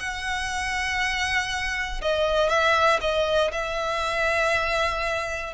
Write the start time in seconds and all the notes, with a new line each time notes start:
0.00 F#5
2.02 D#5
2.49 E5
3.01 D#5
3.52 E5